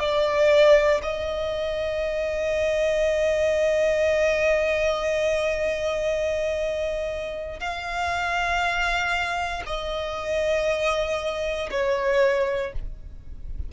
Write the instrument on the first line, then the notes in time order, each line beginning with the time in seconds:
violin
0.00 D5
1.03 D#5
7.60 F5
9.67 D#5
11.71 C#5